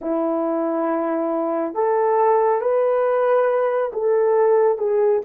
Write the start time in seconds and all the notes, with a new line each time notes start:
0.01 E4
1.74 A4
2.61 B4
3.92 A4
4.78 G#4